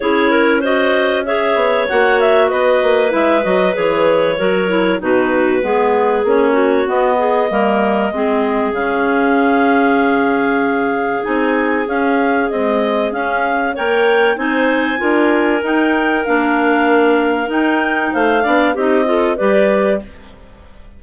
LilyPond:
<<
  \new Staff \with { instrumentName = "clarinet" } { \time 4/4 \tempo 4 = 96 cis''4 dis''4 e''4 fis''8 e''8 | dis''4 e''8 dis''8 cis''2 | b'2 cis''4 dis''4~ | dis''2 f''2~ |
f''2 gis''4 f''4 | dis''4 f''4 g''4 gis''4~ | gis''4 g''4 f''2 | g''4 f''4 dis''4 d''4 | }
  \new Staff \with { instrumentName = "clarinet" } { \time 4/4 gis'8 ais'8 c''4 cis''2 | b'2. ais'4 | fis'4 gis'4. fis'4 gis'8 | ais'4 gis'2.~ |
gis'1~ | gis'2 cis''4 c''4 | ais'1~ | ais'4 c''8 d''8 g'8 a'8 b'4 | }
  \new Staff \with { instrumentName = "clarinet" } { \time 4/4 e'4 fis'4 gis'4 fis'4~ | fis'4 e'8 fis'8 gis'4 fis'8 e'8 | dis'4 b4 cis'4 b4 | ais4 c'4 cis'2~ |
cis'2 dis'4 cis'4 | gis4 cis'4 ais'4 dis'4 | f'4 dis'4 d'2 | dis'4. d'8 dis'8 f'8 g'4 | }
  \new Staff \with { instrumentName = "bassoon" } { \time 4/4 cis'2~ cis'8 b8 ais4 | b8 ais8 gis8 fis8 e4 fis4 | b,4 gis4 ais4 b4 | g4 gis4 cis2~ |
cis2 c'4 cis'4 | c'4 cis'4 ais4 c'4 | d'4 dis'4 ais2 | dis'4 a8 b8 c'4 g4 | }
>>